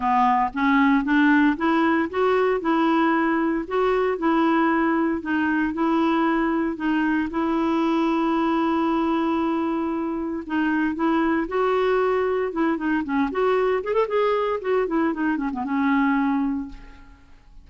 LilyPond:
\new Staff \with { instrumentName = "clarinet" } { \time 4/4 \tempo 4 = 115 b4 cis'4 d'4 e'4 | fis'4 e'2 fis'4 | e'2 dis'4 e'4~ | e'4 dis'4 e'2~ |
e'1 | dis'4 e'4 fis'2 | e'8 dis'8 cis'8 fis'4 gis'16 a'16 gis'4 | fis'8 e'8 dis'8 cis'16 b16 cis'2 | }